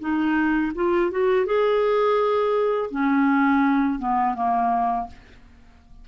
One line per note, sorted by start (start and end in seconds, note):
0.00 0.72 D#4
0.76 1.11 F4
1.11 1.46 F#4
1.46 2.91 G#4
2.91 3.99 C#4
3.99 4.35 B3
4.35 5.07 A#3